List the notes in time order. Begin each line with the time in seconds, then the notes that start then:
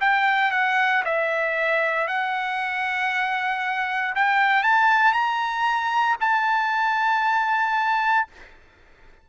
0.00 G5
0.51 F#5
1.05 E5
2.07 F#5
4.15 G5
4.63 A5
5.13 A#5
6.20 A5